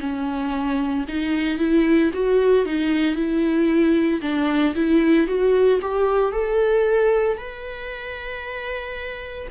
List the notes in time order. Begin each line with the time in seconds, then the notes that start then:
0.00 C#4
1.08 D#4
1.58 E4
2.13 F#4
2.66 D#4
3.15 E4
4.22 D4
4.75 E4
5.27 F#4
5.81 G4
6.32 A4
7.37 B4